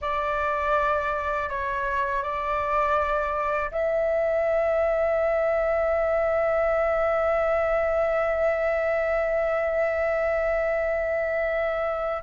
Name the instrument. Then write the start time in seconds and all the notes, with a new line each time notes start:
flute
0.01 D5
1.48 C#5
2.22 D5
3.71 E5